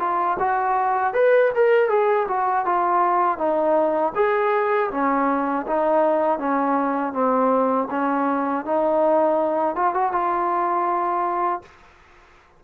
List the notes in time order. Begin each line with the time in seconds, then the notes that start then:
0.00 F4
0.40 F#4
1.14 B4
1.55 A#4
1.90 G#4
2.28 F#4
2.66 F4
3.39 D#4
4.16 G#4
4.91 C#4
5.67 D#4
6.39 C#4
7.13 C4
7.91 C#4
8.66 D#4
9.76 F4
9.94 F#4
10.12 F4